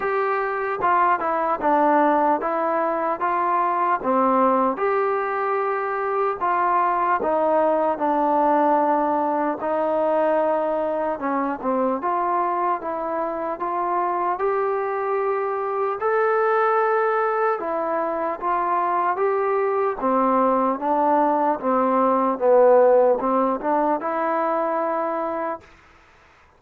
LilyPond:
\new Staff \with { instrumentName = "trombone" } { \time 4/4 \tempo 4 = 75 g'4 f'8 e'8 d'4 e'4 | f'4 c'4 g'2 | f'4 dis'4 d'2 | dis'2 cis'8 c'8 f'4 |
e'4 f'4 g'2 | a'2 e'4 f'4 | g'4 c'4 d'4 c'4 | b4 c'8 d'8 e'2 | }